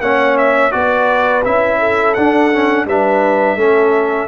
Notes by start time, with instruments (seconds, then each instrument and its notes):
0.00 tuba A#3, trombone C#4, horn C#5, trumpet F#5
0.38 trumpet E5
0.71 tuba B3, trombone F#4, horn B4, trumpet D5
1.45 tuba C#4, trombone E4, trumpet E5
1.79 horn A4
2.14 trombone D4, tuba D4, trumpet F#5
2.53 trombone C#4
2.86 tuba G3, trombone D4, horn B4, trumpet E5
3.57 tuba A3, trombone C#4, horn A4